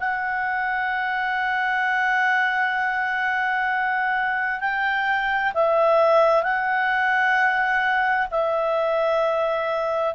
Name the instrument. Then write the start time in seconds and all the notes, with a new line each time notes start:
clarinet
0.00 F#5
4.60 G5
5.54 E5
6.43 F#5
8.31 E5